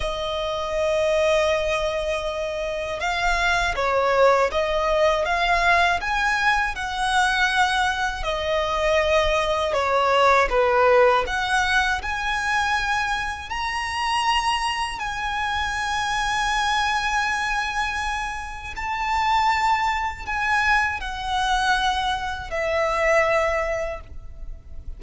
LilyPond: \new Staff \with { instrumentName = "violin" } { \time 4/4 \tempo 4 = 80 dis''1 | f''4 cis''4 dis''4 f''4 | gis''4 fis''2 dis''4~ | dis''4 cis''4 b'4 fis''4 |
gis''2 ais''2 | gis''1~ | gis''4 a''2 gis''4 | fis''2 e''2 | }